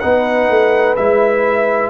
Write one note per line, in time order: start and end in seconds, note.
0.00 0.49 B3
0.00 0.97 D#4
0.00 1.89 B4
0.00 0.95 F#5
0.49 0.97 A3
0.96 1.89 G#3
0.96 1.89 E4
0.96 1.89 E5